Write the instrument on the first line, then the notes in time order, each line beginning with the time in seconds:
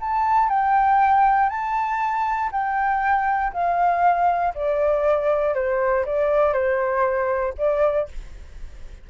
flute
0.00 A5
0.49 G5
1.49 A5
2.51 G5
3.53 F5
4.54 D5
5.54 C5
6.05 D5
6.53 C5
7.57 D5